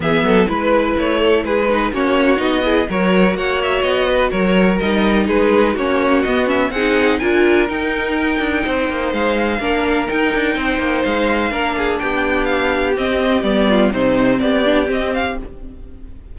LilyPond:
<<
  \new Staff \with { instrumentName = "violin" } { \time 4/4 \tempo 4 = 125 e''4 b'4 cis''4 b'4 | cis''4 dis''4 cis''4 fis''8 e''8 | dis''4 cis''4 dis''4 b'4 | cis''4 dis''8 e''8 fis''4 gis''4 |
g''2. f''4~ | f''4 g''2 f''4~ | f''4 g''4 f''4 dis''4 | d''4 c''4 d''4 dis''8 f''8 | }
  \new Staff \with { instrumentName = "violin" } { \time 4/4 gis'8 a'8 b'4. a'8 gis'8 b'8 | fis'4. gis'8 ais'4 cis''4~ | cis''8 b'8 ais'2 gis'4 | fis'2 gis'4 ais'4~ |
ais'2 c''2 | ais'2 c''2 | ais'8 gis'8 g'2.~ | g'8 f'8 dis'4 g'2 | }
  \new Staff \with { instrumentName = "viola" } { \time 4/4 b4 e'2~ e'8 dis'8 | cis'4 dis'8 e'8 fis'2~ | fis'2 dis'2 | cis'4 b8 cis'8 dis'4 f'4 |
dis'1 | d'4 dis'2. | d'2. c'4 | b4 c'4. d'8 c'4 | }
  \new Staff \with { instrumentName = "cello" } { \time 4/4 e8 fis8 gis4 a4 gis4 | ais4 b4 fis4 ais4 | b4 fis4 g4 gis4 | ais4 b4 c'4 d'4 |
dis'4. d'8 c'8 ais8 gis4 | ais4 dis'8 d'8 c'8 ais8 gis4 | ais4 b2 c'4 | g4 c4 b4 c'4 | }
>>